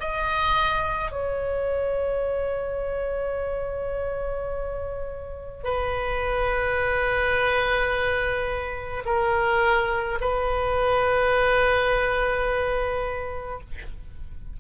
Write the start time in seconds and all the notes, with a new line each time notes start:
0.00 D#5
1.12 C#5
5.63 B4
9.05 A#4
10.20 B4